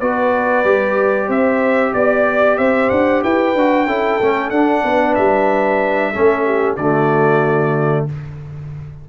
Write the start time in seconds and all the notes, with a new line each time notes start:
0.00 B3 F#4 B4 D5
0.65 G3 G4
1.27 C4 C5 E5
1.94 B3 D5
2.58 C4 C5 E5
2.90 D4 F#5
3.24 E4 B4 G5
3.55 D4 F#4
3.87 C#4 E4 A4
4.20 A3 C#4
4.50 D4 F#5
4.84 B3 B4
5.15 G3 E5
6.13 A3 C#4 A4
6.45 G4
6.76 D3 A3 F#4 D5